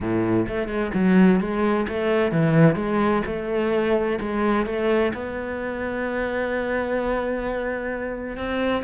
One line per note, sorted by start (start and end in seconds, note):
0.00 0.47 A2
0.48 0.68 A3
0.68 0.91 G#3
0.94 1.40 F#3
1.40 1.86 G#3
1.88 2.31 A3
2.31 2.75 E3
2.75 3.22 G#3
3.26 4.19 A3
4.20 4.66 G#3
4.66 5.12 A3
5.14 8.36 B3
8.36 8.83 C4